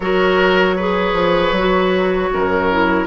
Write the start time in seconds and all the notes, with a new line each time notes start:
0.00 F#3 F#4 A#4 C#5
0.76 G#4 B4
1.13 F3
1.52 F#3 F#4
2.33 F#2 A#4
2.71 E4